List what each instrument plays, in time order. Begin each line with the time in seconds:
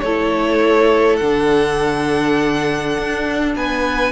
0.00 cello A3, violin A4 C#5
0.06 viola E4
1.16 cello D3, viola D4, violin F#5
2.98 cello D4
3.55 cello B3, violin B4 G#5